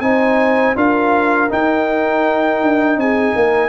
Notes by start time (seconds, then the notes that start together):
0.00 C4 D#4 C5 G#5
0.75 D4 F4 A#4 F5
1.49 D#4 G5
2.63 D4
2.97 C4 G#4 G#5
3.36 A#3 A#4